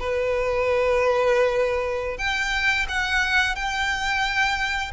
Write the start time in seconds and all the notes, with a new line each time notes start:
0.00 B4
2.18 G5
2.89 F#5
3.56 G5